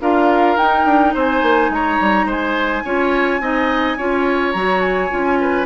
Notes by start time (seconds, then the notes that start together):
0.00 D4 F4 A#4 F5
0.56 D#4 G5
0.85 D4
1.13 C4 C5 G#5
1.42 A#3
1.69 G#3 C#5 A#5
2.00 G3
2.25 G#3 C5 G#5
2.84 C#4 F4 C#5
3.40 C4 D#4 D#5
3.97 C#4 F4 C#5
4.52 F#3 F#4 A#5
4.80 G#5
5.09 C#4 F4
5.40 B4